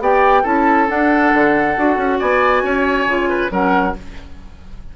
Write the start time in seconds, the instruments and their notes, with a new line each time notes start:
0.00 bassoon B3, clarinet G4, oboe D5, flute G5
0.43 bassoon C#4, clarinet E4, oboe A4, flute A5
0.87 clarinet D4, bassoon D4, flute F#5
1.34 bassoon D3
1.77 bassoon D4, clarinet F#4
1.97 bassoon C#4
2.20 bassoon B3, oboe D5, flute G#5
2.63 bassoon C#4, oboe C#5
3.06 bassoon C#3, clarinet F4
3.30 oboe B4
3.50 bassoon F#3, clarinet C#4, oboe A#4, flute F#5